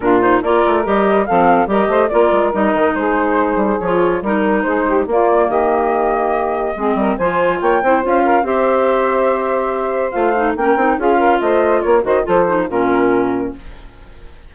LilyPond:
<<
  \new Staff \with { instrumentName = "flute" } { \time 4/4 \tempo 4 = 142 ais'8 c''8 d''4 dis''4 f''4 | dis''4 d''4 dis''4 c''4~ | c''4 cis''4 ais'4 c''4 | d''4 dis''2.~ |
dis''4 gis''4 g''4 f''4 | e''1 | f''4 g''4 f''4 dis''4 | cis''8 dis''8 c''4 ais'2 | }
  \new Staff \with { instrumentName = "saxophone" } { \time 4/4 f'4 ais'2 a'4 | ais'8 c''8 ais'2 gis'4~ | gis'2 ais'4 gis'8 g'8 | f'4 g'2. |
gis'8 ais'8 c''4 cis''8 c''4 ais'8 | c''1~ | c''4 ais'4 gis'8 ais'8 c''4 | ais'8 c''8 a'4 f'2 | }
  \new Staff \with { instrumentName = "clarinet" } { \time 4/4 d'8 dis'8 f'4 g'4 c'4 | g'4 f'4 dis'2~ | dis'4 f'4 dis'2 | ais1 |
c'4 f'4. e'8 f'4 | g'1 | f'8 dis'8 cis'8 dis'8 f'2~ | f'8 fis'8 f'8 dis'8 cis'2 | }
  \new Staff \with { instrumentName = "bassoon" } { \time 4/4 ais,4 ais8 a8 g4 f4 | g8 a8 ais8 gis8 g8 dis8 gis4~ | gis8 g8 f4 g4 gis4 | ais4 dis2. |
gis8 g8 f4 ais8 c'8 cis'4 | c'1 | a4 ais8 c'8 cis'4 a4 | ais8 dis8 f4 ais,2 | }
>>